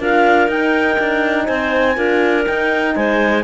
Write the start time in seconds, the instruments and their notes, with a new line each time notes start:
0.00 cello D4, horn F4, clarinet A#4 F5
0.48 cello D#4, horn D#4, clarinet G5
0.99 cello D4
1.46 cello C4, clarinet C5 G#5
1.96 cello D4, horn F4, clarinet A#4
2.47 horn D#4, cello D#4, clarinet G5
2.96 cello G#3, clarinet C5 G#5